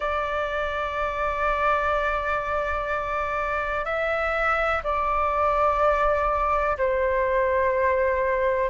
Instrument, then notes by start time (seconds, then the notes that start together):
flute
0.00 D5
3.84 E5
4.83 D5
6.77 C5